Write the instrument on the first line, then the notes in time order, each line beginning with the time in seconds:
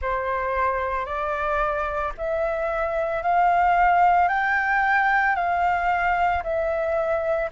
flute
0.01 C5
1.05 D5
2.17 E5
3.22 F5
4.28 G5
5.35 F5
6.43 E5